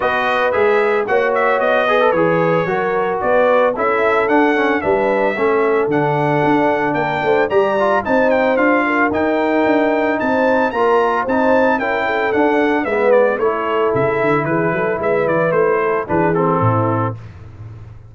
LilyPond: <<
  \new Staff \with { instrumentName = "trumpet" } { \time 4/4 \tempo 4 = 112 dis''4 e''4 fis''8 e''8 dis''4 | cis''2 d''4 e''4 | fis''4 e''2 fis''4~ | fis''4 g''4 ais''4 a''8 g''8 |
f''4 g''2 a''4 | ais''4 a''4 g''4 fis''4 | e''8 d''8 cis''4 e''4 b'4 | e''8 d''8 c''4 b'8 a'4. | }
  \new Staff \with { instrumentName = "horn" } { \time 4/4 b'2 cis''4. b'8~ | b'4 ais'4 b'4 a'4~ | a'4 b'4 a'2~ | a'4 ais'8 c''8 d''4 c''4~ |
c''8 ais'2~ ais'8 c''4 | ais'4 c''4 ais'8 a'4. | b'4 a'2 gis'8 a'8 | b'4. a'8 gis'4 e'4 | }
  \new Staff \with { instrumentName = "trombone" } { \time 4/4 fis'4 gis'4 fis'4. gis'16 a'16 | gis'4 fis'2 e'4 | d'8 cis'8 d'4 cis'4 d'4~ | d'2 g'8 f'8 dis'4 |
f'4 dis'2. | f'4 dis'4 e'4 d'4 | b4 e'2.~ | e'2 d'8 c'4. | }
  \new Staff \with { instrumentName = "tuba" } { \time 4/4 b4 gis4 ais4 b4 | e4 fis4 b4 cis'4 | d'4 g4 a4 d4 | d'4 ais8 a8 g4 c'4 |
d'4 dis'4 d'4 c'4 | ais4 c'4 cis'4 d'4 | gis4 a4 cis8 d8 e8 fis8 | gis8 e8 a4 e4 a,4 | }
>>